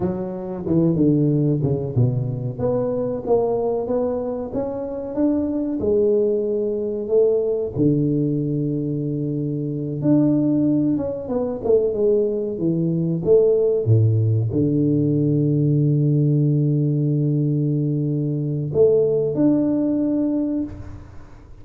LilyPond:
\new Staff \with { instrumentName = "tuba" } { \time 4/4 \tempo 4 = 93 fis4 e8 d4 cis8 b,4 | b4 ais4 b4 cis'4 | d'4 gis2 a4 | d2.~ d8 d'8~ |
d'4 cis'8 b8 a8 gis4 e8~ | e8 a4 a,4 d4.~ | d1~ | d4 a4 d'2 | }